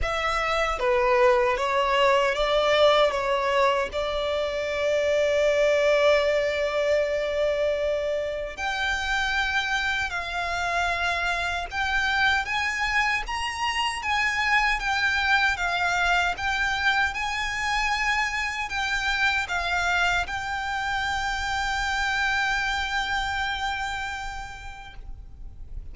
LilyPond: \new Staff \with { instrumentName = "violin" } { \time 4/4 \tempo 4 = 77 e''4 b'4 cis''4 d''4 | cis''4 d''2.~ | d''2. g''4~ | g''4 f''2 g''4 |
gis''4 ais''4 gis''4 g''4 | f''4 g''4 gis''2 | g''4 f''4 g''2~ | g''1 | }